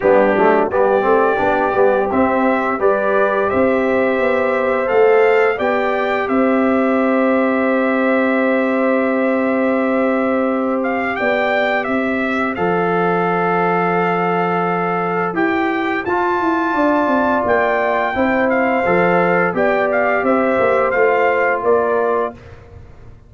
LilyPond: <<
  \new Staff \with { instrumentName = "trumpet" } { \time 4/4 \tempo 4 = 86 g'4 d''2 e''4 | d''4 e''2 f''4 | g''4 e''2.~ | e''2.~ e''8 f''8 |
g''4 e''4 f''2~ | f''2 g''4 a''4~ | a''4 g''4. f''4. | g''8 f''8 e''4 f''4 d''4 | }
  \new Staff \with { instrumentName = "horn" } { \time 4/4 d'4 g'2. | b'4 c''2. | d''4 c''2.~ | c''1 |
d''4 c''2.~ | c''1 | d''2 c''2 | d''4 c''2 ais'4 | }
  \new Staff \with { instrumentName = "trombone" } { \time 4/4 b8 a8 b8 c'8 d'8 b8 c'4 | g'2. a'4 | g'1~ | g'1~ |
g'2 a'2~ | a'2 g'4 f'4~ | f'2 e'4 a'4 | g'2 f'2 | }
  \new Staff \with { instrumentName = "tuba" } { \time 4/4 g8 fis8 g8 a8 b8 g8 c'4 | g4 c'4 b4 a4 | b4 c'2.~ | c'1 |
b4 c'4 f2~ | f2 e'4 f'8 e'8 | d'8 c'8 ais4 c'4 f4 | b4 c'8 ais8 a4 ais4 | }
>>